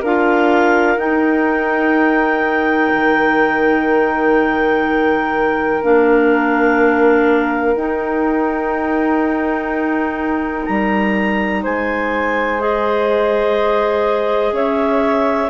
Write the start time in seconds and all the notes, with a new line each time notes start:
0.00 D4 F4 A#4 F5
0.97 D#4 G5
2.94 D#3
5.82 A#3 D4 F5
7.75 D#4 G5
10.66 G3 A#5
11.62 G#3 C5 G#5
12.59 G#4 D#5
14.52 C#4 C#5 E5